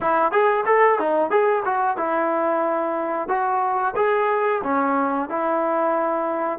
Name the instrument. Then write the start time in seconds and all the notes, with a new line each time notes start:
trombone
0.00 E4
0.31 G#4
0.66 A4
0.99 D#4
1.30 G#4
1.65 F#4
1.97 E4
3.28 F#4
3.96 G#4
4.63 C#4
5.29 E4